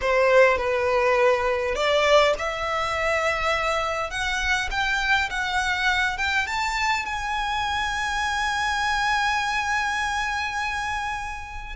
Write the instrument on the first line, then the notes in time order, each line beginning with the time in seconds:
violin
0.01 C5
0.57 B4
1.75 D5
2.38 E5
4.10 F#5
4.70 G5
5.29 F#5
6.17 G5
6.47 A5
7.05 G#5